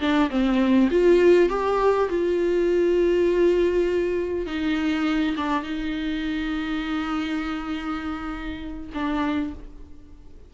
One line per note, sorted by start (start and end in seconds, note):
0.00 0.30 D4
0.30 0.90 C4
0.91 1.50 F4
1.50 2.09 G4
2.09 4.47 F4
4.47 5.36 D#4
5.37 5.63 D4
5.63 8.90 D#4
8.94 9.54 D4